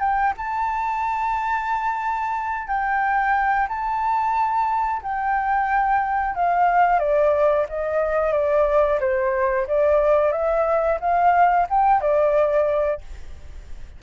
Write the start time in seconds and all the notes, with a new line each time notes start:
0.00 G5
0.37 A5
2.68 G5
3.68 A5
5.02 G5
6.35 F5
6.99 D5
7.69 D#5
8.33 D5
9.00 C5
9.67 D5
10.32 E5
11.00 F5
11.70 G5
12.01 D5